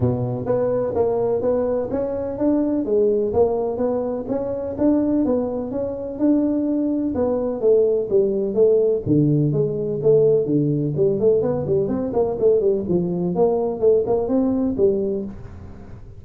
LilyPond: \new Staff \with { instrumentName = "tuba" } { \time 4/4 \tempo 4 = 126 b,4 b4 ais4 b4 | cis'4 d'4 gis4 ais4 | b4 cis'4 d'4 b4 | cis'4 d'2 b4 |
a4 g4 a4 d4 | gis4 a4 d4 g8 a8 | b8 g8 c'8 ais8 a8 g8 f4 | ais4 a8 ais8 c'4 g4 | }